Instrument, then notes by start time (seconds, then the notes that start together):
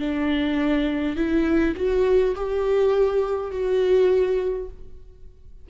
viola
0.00 D4
1.17 E4
1.76 F#4
2.36 G4
3.51 F#4